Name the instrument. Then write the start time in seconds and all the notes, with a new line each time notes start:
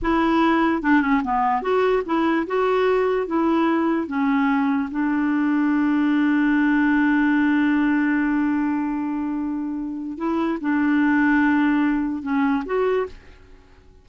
clarinet
0.02 E4
0.82 D4
1.01 C#4
1.24 B3
1.62 F#4
2.05 E4
2.46 F#4
3.27 E4
4.07 C#4
4.90 D4
10.17 E4
10.60 D4
12.22 C#4
12.65 F#4